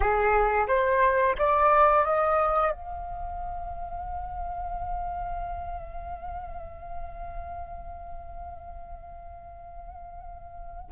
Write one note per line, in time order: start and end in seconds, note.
0.00 0.67 G#4
0.67 1.35 C5
1.38 2.05 D5
2.05 2.71 D#5
2.71 10.89 F5